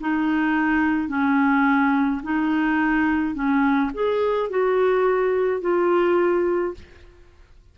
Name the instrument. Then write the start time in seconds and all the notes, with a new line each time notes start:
clarinet
0.00 D#4
1.08 C#4
2.23 D#4
3.34 C#4
3.93 G#4
4.49 F#4
5.61 F4